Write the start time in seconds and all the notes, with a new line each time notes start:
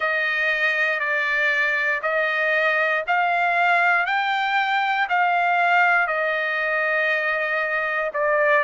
0.00 D#5
0.99 D5
2.02 D#5
3.07 F5
4.05 G5
5.09 F5
6.07 D#5
8.14 D5